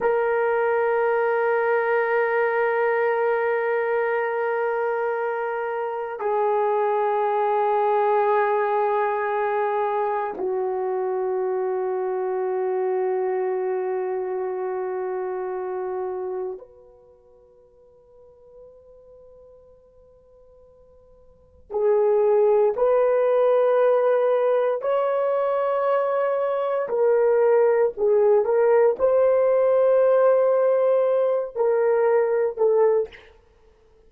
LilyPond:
\new Staff \with { instrumentName = "horn" } { \time 4/4 \tempo 4 = 58 ais'1~ | ais'2 gis'2~ | gis'2 fis'2~ | fis'1 |
b'1~ | b'4 gis'4 b'2 | cis''2 ais'4 gis'8 ais'8 | c''2~ c''8 ais'4 a'8 | }